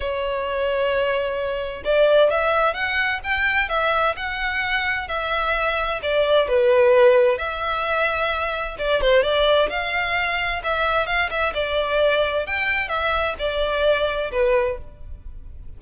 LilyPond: \new Staff \with { instrumentName = "violin" } { \time 4/4 \tempo 4 = 130 cis''1 | d''4 e''4 fis''4 g''4 | e''4 fis''2 e''4~ | e''4 d''4 b'2 |
e''2. d''8 c''8 | d''4 f''2 e''4 | f''8 e''8 d''2 g''4 | e''4 d''2 b'4 | }